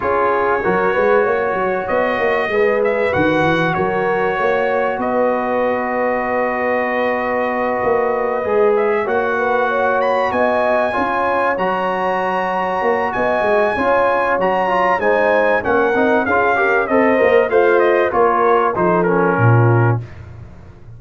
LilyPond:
<<
  \new Staff \with { instrumentName = "trumpet" } { \time 4/4 \tempo 4 = 96 cis''2. dis''4~ | dis''8 e''8 fis''4 cis''2 | dis''1~ | dis''2 e''8 fis''4. |
b''8 gis''2 ais''4.~ | ais''4 gis''2 ais''4 | gis''4 fis''4 f''4 dis''4 | f''8 dis''8 cis''4 c''8 ais'4. | }
  \new Staff \with { instrumentName = "horn" } { \time 4/4 gis'4 ais'8 b'8 cis''2 | b'2 ais'4 cis''4 | b'1~ | b'2~ b'8 cis''8 b'8 cis''8~ |
cis''8 dis''4 cis''2~ cis''8~ | cis''4 dis''4 cis''2 | c''4 ais'4 gis'8 ais'8 c''4 | f'4 ais'4 a'4 f'4 | }
  \new Staff \with { instrumentName = "trombone" } { \time 4/4 f'4 fis'2. | gis'4 fis'2.~ | fis'1~ | fis'4. gis'4 fis'4.~ |
fis'4. f'4 fis'4.~ | fis'2 f'4 fis'8 f'8 | dis'4 cis'8 dis'8 f'8 g'8 a'8 ais'8 | c''4 f'4 dis'8 cis'4. | }
  \new Staff \with { instrumentName = "tuba" } { \time 4/4 cis'4 fis8 gis8 ais8 fis8 b8 ais8 | gis4 dis8 e8 fis4 ais4 | b1~ | b8 ais4 gis4 ais4.~ |
ais8 b4 cis'4 fis4.~ | fis8 ais8 b8 gis8 cis'4 fis4 | gis4 ais8 c'8 cis'4 c'8 ais8 | a4 ais4 f4 ais,4 | }
>>